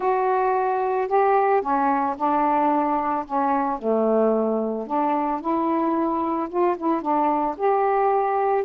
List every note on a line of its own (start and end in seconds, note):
0.00 1.08 F#4
1.08 1.61 G4
1.61 2.15 C#4
2.17 3.25 D4
3.26 3.78 C#4
3.78 4.86 A3
4.86 5.41 D4
5.41 6.49 E4
6.49 6.76 F4
6.77 7.01 E4
7.01 7.55 D4
7.57 8.64 G4